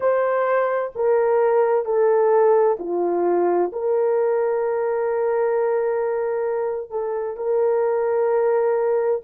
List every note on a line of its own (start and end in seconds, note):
0.00 0.91 C5
0.95 1.85 A#4
1.85 2.77 A4
2.79 3.71 F4
3.72 6.90 A#4
6.90 7.36 A4
7.36 9.21 A#4